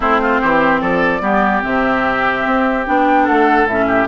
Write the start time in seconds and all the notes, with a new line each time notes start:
0.00 A3 C4 E4 C5
0.21 F4
0.40 E3 G4
0.80 F3 A4 D5
1.21 G3 B3 G4
1.61 C3 C4 E5
2.45 C4
2.86 B3 D4 G5
3.23 A3 A4 F#5
3.65 A2 C#4 E5
3.87 G4